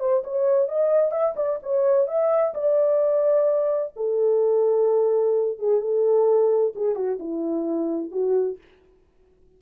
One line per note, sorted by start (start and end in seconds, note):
0.00 0.23 C5
0.24 0.68 C#5
0.68 1.12 D#5
1.12 1.35 E5
1.36 1.59 D5
1.63 2.07 C#5
2.07 2.54 E5
2.54 3.94 D5
3.96 5.59 A4
5.59 5.81 G#4
5.81 6.74 A4
6.75 6.95 G#4
6.95 7.19 F#4
7.19 8.11 E4
8.11 8.58 F#4